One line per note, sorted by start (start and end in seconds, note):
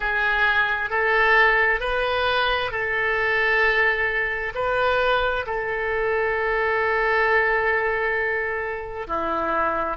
0.00 0.90 G#4
0.90 1.80 A4
1.80 2.71 B4
2.71 4.52 A4
4.55 5.45 B4
5.46 9.07 A4
9.07 9.96 E4